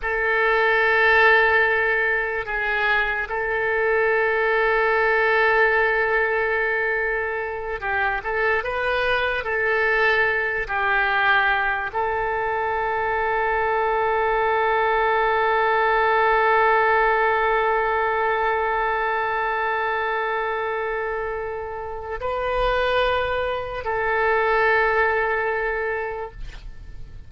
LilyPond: \new Staff \with { instrumentName = "oboe" } { \time 4/4 \tempo 4 = 73 a'2. gis'4 | a'1~ | a'4. g'8 a'8 b'4 a'8~ | a'4 g'4. a'4.~ |
a'1~ | a'1~ | a'2. b'4~ | b'4 a'2. | }